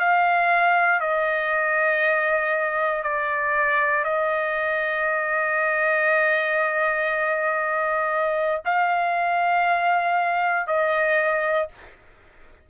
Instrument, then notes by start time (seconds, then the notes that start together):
trumpet
0.00 F5
1.00 D#5
3.04 D5
4.04 D#5
8.65 F5
10.67 D#5